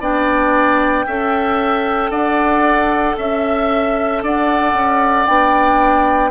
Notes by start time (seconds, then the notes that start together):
0.00 B3 D4 D5 G5
1.07 C#4 A4 E5
2.11 D4 D5 F#5
3.18 C#4 E5
4.23 D4 D5 F#5
4.74 C#4
5.27 B3 D4 G5